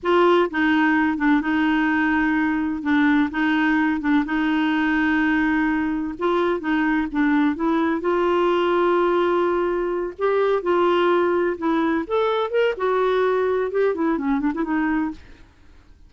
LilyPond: \new Staff \with { instrumentName = "clarinet" } { \time 4/4 \tempo 4 = 127 f'4 dis'4. d'8 dis'4~ | dis'2 d'4 dis'4~ | dis'8 d'8 dis'2.~ | dis'4 f'4 dis'4 d'4 |
e'4 f'2.~ | f'4. g'4 f'4.~ | f'8 e'4 a'4 ais'8 fis'4~ | fis'4 g'8 e'8 cis'8 d'16 e'16 dis'4 | }